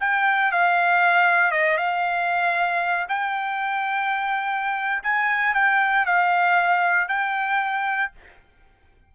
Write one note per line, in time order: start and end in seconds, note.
0.00 0.52 G5
0.52 1.51 F5
1.51 1.77 D#5
1.77 3.07 F5
3.09 5.03 G5
5.03 5.54 G#5
5.54 6.06 G5
6.06 7.08 F5
7.08 8.12 G5